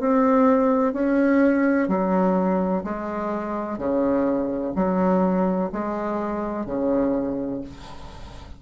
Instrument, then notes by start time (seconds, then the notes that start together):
bassoon
0.00 C4
0.93 C#4
1.88 F#3
2.84 G#3
3.78 C#3
4.75 F#3
5.72 G#3
6.66 C#3